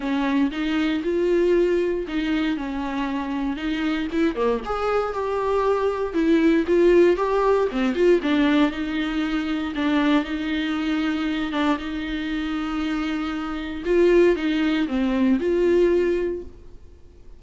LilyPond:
\new Staff \with { instrumentName = "viola" } { \time 4/4 \tempo 4 = 117 cis'4 dis'4 f'2 | dis'4 cis'2 dis'4 | e'8 ais8 gis'4 g'2 | e'4 f'4 g'4 c'8 f'8 |
d'4 dis'2 d'4 | dis'2~ dis'8 d'8 dis'4~ | dis'2. f'4 | dis'4 c'4 f'2 | }